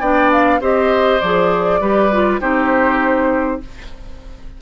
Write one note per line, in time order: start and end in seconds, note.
0.00 0.60 B3
0.00 0.60 D4
0.00 0.60 D5
0.00 0.30 G5
0.32 0.61 F5
0.60 1.20 C4
0.60 1.20 G4
0.60 1.80 C5
0.60 1.20 D#5
1.20 1.80 F3
1.20 1.81 G#4
1.20 2.40 D5
1.80 2.40 G3
1.80 2.11 G4
1.80 2.40 B4
2.12 2.40 F4
2.40 3.61 C4
2.40 3.60 D#4
2.40 3.60 G4
2.40 3.60 C5